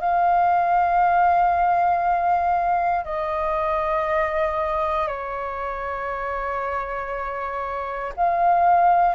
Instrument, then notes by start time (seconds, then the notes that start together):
flute
0.00 F5
3.05 D#5
5.08 C#5
8.17 F5